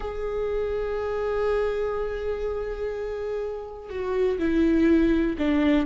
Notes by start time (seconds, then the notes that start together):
0.00 G#4
3.89 F#4
4.38 E4
5.38 D4